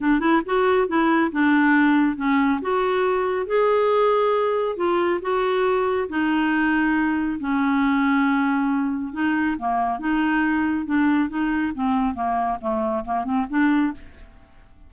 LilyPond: \new Staff \with { instrumentName = "clarinet" } { \time 4/4 \tempo 4 = 138 d'8 e'8 fis'4 e'4 d'4~ | d'4 cis'4 fis'2 | gis'2. f'4 | fis'2 dis'2~ |
dis'4 cis'2.~ | cis'4 dis'4 ais4 dis'4~ | dis'4 d'4 dis'4 c'4 | ais4 a4 ais8 c'8 d'4 | }